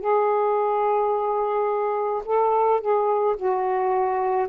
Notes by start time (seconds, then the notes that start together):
0.00 G#4
2.25 A4
2.80 G#4
3.36 F#4